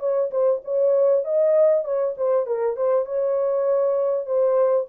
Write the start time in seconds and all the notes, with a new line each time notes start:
0.00 C#5
0.31 C5
0.65 C#5
1.25 D#5
1.85 C#5
2.18 C5
2.47 A#4
2.77 C5
3.06 C#5
4.27 C5